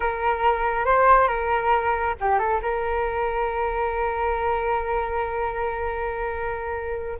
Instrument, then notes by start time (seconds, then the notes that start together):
flute
0.00 A#4
0.85 C5
1.27 A#4
2.20 G4
2.39 A4
2.62 A#4